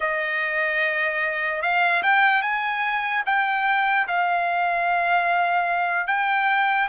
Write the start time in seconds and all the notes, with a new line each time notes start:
0.00 D#5
1.62 F5
2.03 G5
2.41 G#5
3.26 G5
4.07 F5
6.07 G5